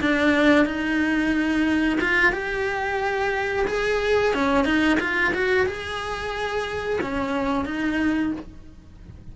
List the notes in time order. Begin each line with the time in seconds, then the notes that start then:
0.00 D4
0.65 D#4
2.00 F4
2.32 G4
3.67 G#4
4.34 C#4
4.65 D#4
4.99 F4
5.33 F#4
5.66 G#4
7.01 C#4
7.65 D#4